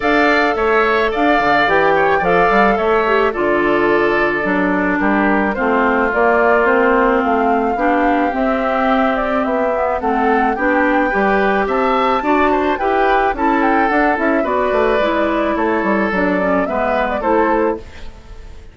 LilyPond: <<
  \new Staff \with { instrumentName = "flute" } { \time 4/4 \tempo 4 = 108 f''4 e''4 f''4 g''4 | f''4 e''4 d''2~ | d''4 ais'4 c''4 d''4 | c''4 f''2 e''4~ |
e''8 d''8 e''4 fis''4 g''4~ | g''4 a''2 g''4 | a''8 g''8 fis''8 e''8 d''2 | cis''4 d''4 e''8. d''16 c''4 | }
  \new Staff \with { instrumentName = "oboe" } { \time 4/4 d''4 cis''4 d''4. cis''8 | d''4 cis''4 a'2~ | a'4 g'4 f'2~ | f'2 g'2~ |
g'2 a'4 g'4 | b'4 e''4 d''8 c''8 b'4 | a'2 b'2 | a'2 b'4 a'4 | }
  \new Staff \with { instrumentName = "clarinet" } { \time 4/4 a'2. g'4 | a'4. g'8 f'2 | d'2 c'4 ais4 | c'2 d'4 c'4~ |
c'4. b8 c'4 d'4 | g'2 fis'4 g'4 | e'4 d'8 e'8 fis'4 e'4~ | e'4 d'8 cis'8 b4 e'4 | }
  \new Staff \with { instrumentName = "bassoon" } { \time 4/4 d'4 a4 d'8 d8 e4 | f8 g8 a4 d2 | fis4 g4 a4 ais4~ | ais4 a4 b4 c'4~ |
c'4 b4 a4 b4 | g4 c'4 d'4 e'4 | cis'4 d'8 cis'8 b8 a8 gis4 | a8 g8 fis4 gis4 a4 | }
>>